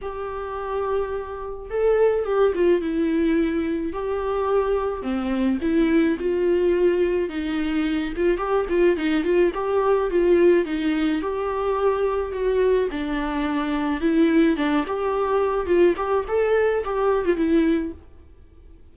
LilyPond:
\new Staff \with { instrumentName = "viola" } { \time 4/4 \tempo 4 = 107 g'2. a'4 | g'8 f'8 e'2 g'4~ | g'4 c'4 e'4 f'4~ | f'4 dis'4. f'8 g'8 f'8 |
dis'8 f'8 g'4 f'4 dis'4 | g'2 fis'4 d'4~ | d'4 e'4 d'8 g'4. | f'8 g'8 a'4 g'8. f'16 e'4 | }